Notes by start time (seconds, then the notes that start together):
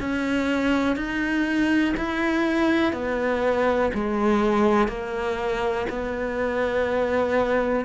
0.00 C#4
0.96 D#4
1.97 E4
2.93 B3
3.94 G#3
4.88 A#3
5.89 B3